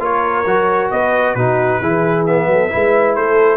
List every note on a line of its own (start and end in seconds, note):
0.00 0.45 A#3
0.00 0.45 F4
0.00 0.92 A#4
0.00 0.91 C#5
0.46 0.91 F#3
0.46 1.37 F#4
0.91 1.35 B3
0.91 1.35 B4
0.91 1.35 D#5
1.35 1.80 B2
1.35 1.83 D#4
1.35 1.80 F#4
1.35 2.25 B4
1.80 2.47 E3
1.80 2.28 E4
1.80 2.47 G#4
2.27 2.71 B3
2.27 3.16 E5
2.47 2.70 F#3
2.47 2.73 A4
2.71 3.17 G#3
2.71 3.57 E4
2.71 3.18 B4
3.16 3.57 A3
3.16 3.57 A4
3.16 3.57 C5